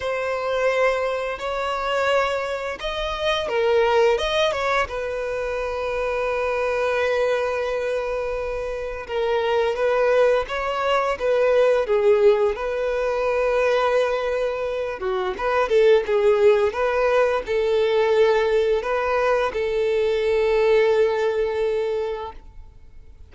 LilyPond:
\new Staff \with { instrumentName = "violin" } { \time 4/4 \tempo 4 = 86 c''2 cis''2 | dis''4 ais'4 dis''8 cis''8 b'4~ | b'1~ | b'4 ais'4 b'4 cis''4 |
b'4 gis'4 b'2~ | b'4. fis'8 b'8 a'8 gis'4 | b'4 a'2 b'4 | a'1 | }